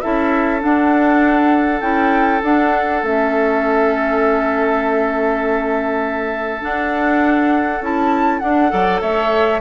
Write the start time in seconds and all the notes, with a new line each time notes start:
0.00 C#4 E4 A4 E5
0.60 D4 F#5
1.80 C#4 E4 G5
2.43 D4 F#5
3.02 A3 C#4 E5
6.61 D4 F#5
7.80 C#4 E4 A5
8.39 D4 F#5
8.70 F#3 A4 D5
9.01 A3 C#5 E5